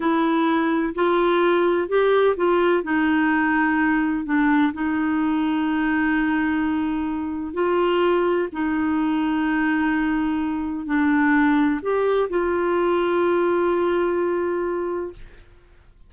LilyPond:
\new Staff \with { instrumentName = "clarinet" } { \time 4/4 \tempo 4 = 127 e'2 f'2 | g'4 f'4 dis'2~ | dis'4 d'4 dis'2~ | dis'1 |
f'2 dis'2~ | dis'2. d'4~ | d'4 g'4 f'2~ | f'1 | }